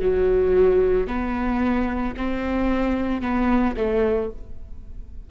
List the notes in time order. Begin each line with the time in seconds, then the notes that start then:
0.00 F#3
1.08 B3
2.17 C4
3.22 B3
3.77 A3